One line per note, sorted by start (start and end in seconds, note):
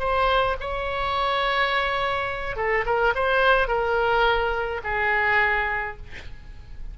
0.00 0.57 C5
0.61 2.57 C#5
2.57 2.85 A4
2.86 3.14 A#4
3.16 3.68 C5
3.68 4.82 A#4
4.84 5.97 G#4